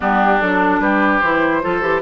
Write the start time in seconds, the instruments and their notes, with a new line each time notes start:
0.00 bassoon G3, clarinet B3, oboe D4, flute G4
0.41 bassoon F#3, clarinet D4, flute A4
0.80 bassoon G3, oboe G4, flute B4
1.20 bassoon E3, clarinet E4, flute C5
1.62 bassoon F3, clarinet F4, oboe A4
1.81 bassoon E3, clarinet G4